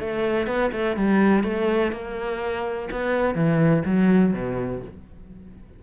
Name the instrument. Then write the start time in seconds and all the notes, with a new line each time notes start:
cello
0.00 A3
0.47 B3
0.72 A3
0.97 G3
1.44 A3
1.92 A#3
2.91 B3
3.35 E3
3.86 F#3
4.34 B2